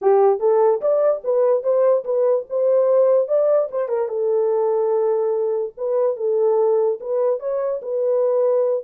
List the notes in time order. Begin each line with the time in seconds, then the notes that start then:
0.01 G4
0.39 A4
0.81 D5
1.24 B4
1.63 C5
2.04 B4
2.49 C5
3.28 D5
3.71 C5
3.88 A#4
4.08 A4
5.77 B4
6.16 A4
7.00 B4
7.39 C#5
7.82 B4